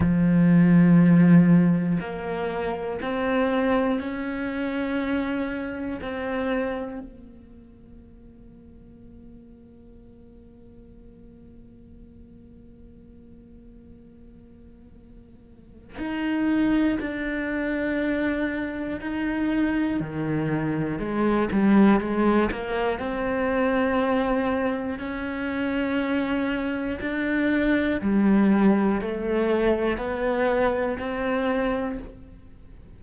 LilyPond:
\new Staff \with { instrumentName = "cello" } { \time 4/4 \tempo 4 = 60 f2 ais4 c'4 | cis'2 c'4 ais4~ | ais1~ | ais1 |
dis'4 d'2 dis'4 | dis4 gis8 g8 gis8 ais8 c'4~ | c'4 cis'2 d'4 | g4 a4 b4 c'4 | }